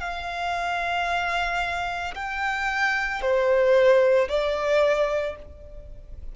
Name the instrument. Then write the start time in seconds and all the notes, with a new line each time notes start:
violin
0.00 F5
2.15 G5
3.21 C5
4.29 D5